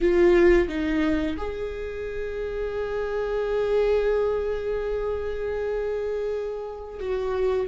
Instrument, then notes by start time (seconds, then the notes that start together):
viola
0.00 F4
0.68 D#4
1.37 G#4
6.99 F#4